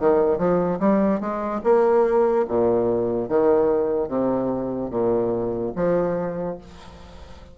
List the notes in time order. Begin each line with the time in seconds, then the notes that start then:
0.00 D#3
0.38 F3
0.80 G3
1.20 G#3
1.64 A#3
2.48 A#2
3.29 D#3
4.09 C3
4.91 A#2
5.76 F3